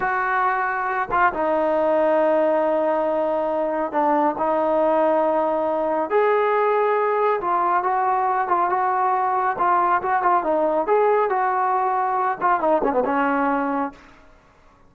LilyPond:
\new Staff \with { instrumentName = "trombone" } { \time 4/4 \tempo 4 = 138 fis'2~ fis'8 f'8 dis'4~ | dis'1~ | dis'4 d'4 dis'2~ | dis'2 gis'2~ |
gis'4 f'4 fis'4. f'8 | fis'2 f'4 fis'8 f'8 | dis'4 gis'4 fis'2~ | fis'8 f'8 dis'8 cis'16 b16 cis'2 | }